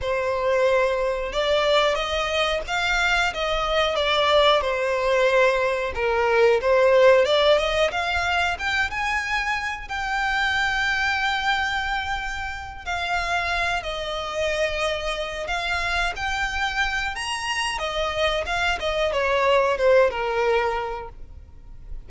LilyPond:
\new Staff \with { instrumentName = "violin" } { \time 4/4 \tempo 4 = 91 c''2 d''4 dis''4 | f''4 dis''4 d''4 c''4~ | c''4 ais'4 c''4 d''8 dis''8 | f''4 g''8 gis''4. g''4~ |
g''2.~ g''8 f''8~ | f''4 dis''2~ dis''8 f''8~ | f''8 g''4. ais''4 dis''4 | f''8 dis''8 cis''4 c''8 ais'4. | }